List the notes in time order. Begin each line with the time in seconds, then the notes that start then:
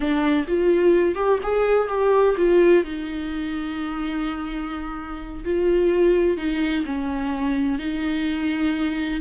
0.00 D4
0.47 F4
1.15 G4
1.42 G#4
1.88 G4
2.37 F4
2.83 D#4
5.44 F4
6.37 D#4
6.85 C#4
7.78 D#4